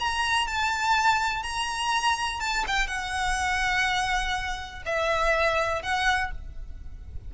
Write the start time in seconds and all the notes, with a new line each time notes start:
0.00 A#5
0.48 A5
1.43 A#5
2.40 A5
2.67 G5
2.88 F#5
4.86 E5
5.83 F#5